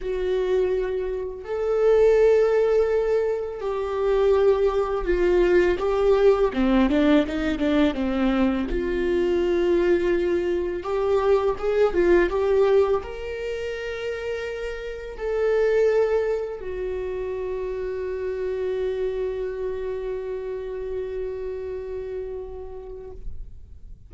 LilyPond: \new Staff \with { instrumentName = "viola" } { \time 4/4 \tempo 4 = 83 fis'2 a'2~ | a'4 g'2 f'4 | g'4 c'8 d'8 dis'8 d'8 c'4 | f'2. g'4 |
gis'8 f'8 g'4 ais'2~ | ais'4 a'2 fis'4~ | fis'1~ | fis'1 | }